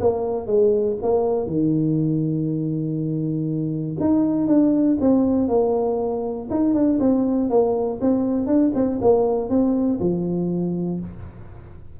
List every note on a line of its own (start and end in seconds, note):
0.00 0.46 A#3
0.46 0.96 G#3
1.02 1.47 A#3
1.47 3.97 D#3
4.00 4.47 D#4
4.47 4.97 D4
5.00 5.48 C4
5.48 6.48 A#3
6.50 6.74 D#4
6.74 6.99 D4
6.99 7.49 C4
7.50 8.00 A#3
8.01 8.46 C4
8.46 8.71 D4
8.74 8.99 C4
9.01 9.49 A#3
9.49 9.99 C4
10.00 11.00 F3